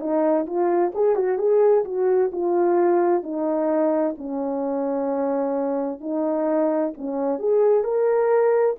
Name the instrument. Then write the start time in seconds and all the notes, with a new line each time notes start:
horn
0.00 D#4
0.47 F4
0.95 G#4
1.16 F#4
1.38 G#4
1.85 F#4
2.32 F4
3.23 D#4
4.18 C#4
6.01 D#4
6.98 C#4
7.39 G#4
7.84 A#4